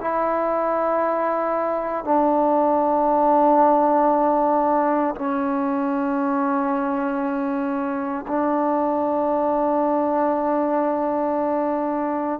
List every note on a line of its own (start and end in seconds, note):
0.00 2.04 E4
2.04 5.14 D4
5.15 8.25 C#4
8.27 12.39 D4